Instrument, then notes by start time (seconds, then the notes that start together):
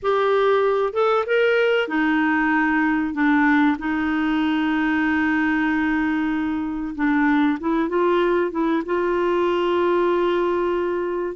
clarinet
0.02 G4
0.93 A4
1.26 A#4
1.88 D#4
3.13 D4
3.78 D#4
6.95 D4
7.60 E4
7.89 F4
8.51 E4
8.85 F4